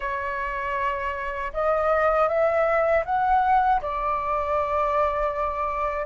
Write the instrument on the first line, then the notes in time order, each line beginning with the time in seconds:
flute
0.00 C#5
1.53 D#5
2.28 E5
3.05 F#5
3.81 D5